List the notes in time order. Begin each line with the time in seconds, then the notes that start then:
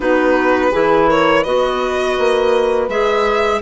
0.00 B3 D#4 F#4 B4
0.71 E3 E4 G#4
1.07 A#4 C#5
1.42 B3 F#4 B4 D#5
2.18 A#3
2.88 G#3 G#4 E5